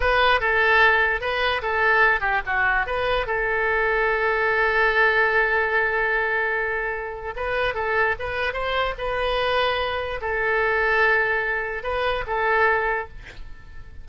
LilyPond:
\new Staff \with { instrumentName = "oboe" } { \time 4/4 \tempo 4 = 147 b'4 a'2 b'4 | a'4. g'8 fis'4 b'4 | a'1~ | a'1~ |
a'2 b'4 a'4 | b'4 c''4 b'2~ | b'4 a'2.~ | a'4 b'4 a'2 | }